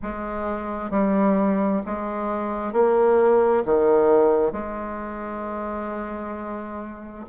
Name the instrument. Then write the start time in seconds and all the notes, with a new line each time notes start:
bassoon
0.02 G#3
0.90 G3
1.86 G#3
2.72 A#3
3.65 D#3
4.52 G#3